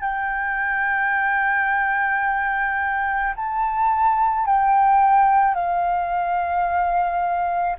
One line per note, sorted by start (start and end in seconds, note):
0.00 3.33 G5
3.36 4.45 A5
4.45 5.54 G5
5.54 7.76 F5